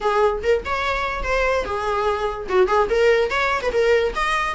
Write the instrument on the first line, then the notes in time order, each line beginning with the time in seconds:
viola
0.01 G#4
0.43 A#4
0.65 C#5
1.23 C5
1.64 G#4
2.48 F#4
2.67 G#4
2.89 A#4
3.30 C#5
3.61 B4
3.72 A#4
4.15 D#5